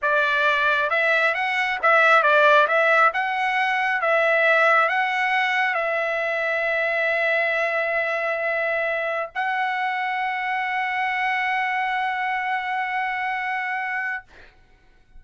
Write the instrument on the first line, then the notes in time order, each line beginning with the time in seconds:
trumpet
0.02 D5
0.89 E5
1.34 F#5
1.82 E5
2.22 D5
2.67 E5
3.13 F#5
4.01 E5
4.88 F#5
5.74 E5
9.35 F#5